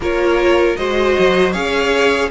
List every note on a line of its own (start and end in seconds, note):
0.00 0.75 A#3
0.00 0.77 F4
0.00 0.78 A#4
0.00 0.76 C#5
0.76 1.17 G#3
0.76 1.53 F#4
0.76 1.53 C5
0.76 1.52 D#5
1.18 1.54 F#3
1.52 2.30 C#4
1.52 2.30 G#4
1.52 2.30 C#5
1.52 2.29 F5